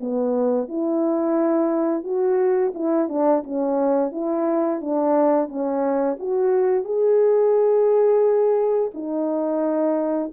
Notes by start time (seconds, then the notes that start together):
0.00 B3
0.68 E4
2.03 F#4
2.74 E4
3.08 D4
3.43 C#4
4.12 E4
4.81 D4
5.48 C#4
6.19 F#4
6.84 G#4
8.94 D#4